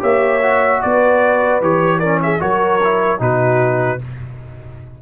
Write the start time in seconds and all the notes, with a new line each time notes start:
0.00 A#3 G4 C#5 E5
0.43 F#4
0.82 B3 B4 D5
1.61 E3 G4 C#5
2.00 C#4 A#4 D5
2.23 G#4 E5
2.40 F#3 F#4 A#4 C#5
2.84 E4
3.19 B2 D#4 F#4 B4